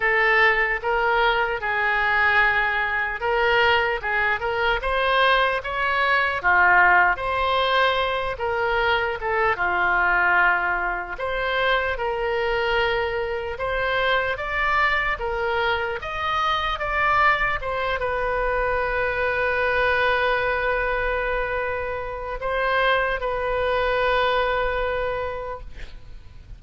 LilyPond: \new Staff \with { instrumentName = "oboe" } { \time 4/4 \tempo 4 = 75 a'4 ais'4 gis'2 | ais'4 gis'8 ais'8 c''4 cis''4 | f'4 c''4. ais'4 a'8 | f'2 c''4 ais'4~ |
ais'4 c''4 d''4 ais'4 | dis''4 d''4 c''8 b'4.~ | b'1 | c''4 b'2. | }